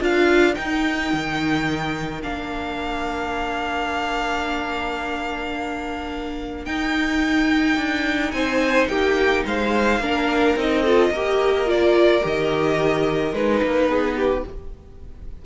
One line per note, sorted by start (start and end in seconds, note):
0.00 0.56 D4
0.00 0.54 F4
0.00 8.33 A#4
0.00 0.55 F5
0.54 2.21 D#4
0.54 1.13 D#4
0.54 2.22 G5
1.13 2.24 D#3
2.23 6.66 A#3
2.23 6.67 D4
2.23 6.65 F5
6.65 7.77 D#4
6.65 10.00 D#4
6.65 8.32 G5
7.77 8.32 D4
8.32 8.88 C4
8.32 8.89 C5
8.32 8.87 G#5
8.88 9.44 A#3
8.88 9.45 G4
8.88 9.44 G5
9.45 9.99 G#3
9.45 10.02 C5
9.45 10.58 F5
9.99 10.55 A#3
9.99 10.57 D4
9.99 10.82 A#4
10.56 11.10 C4
10.56 10.85 D#4
10.56 11.70 D#5
10.82 11.14 F4
10.82 11.10 A4
11.10 12.21 A#3
11.10 11.66 G4
11.10 13.88 A#4
11.66 12.21 F4
11.66 12.26 D5
12.22 13.33 D#3
12.22 13.33 G4
12.22 13.34 D#5
13.33 13.61 G#3
13.33 14.45 D#4
13.33 14.45 B4
13.63 13.88 A#3
13.88 14.44 B3
13.88 14.16 G#4
14.16 14.44 G4